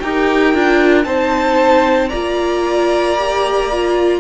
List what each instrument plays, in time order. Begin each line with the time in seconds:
0.00 cello D#4, viola G4, violin A#4 G5
0.54 cello D4, viola F4
1.04 cello C4, viola D#4, violin C5 A5
2.09 cello A#3, viola F4, violin D5 A#5
3.19 viola G4
3.71 viola F4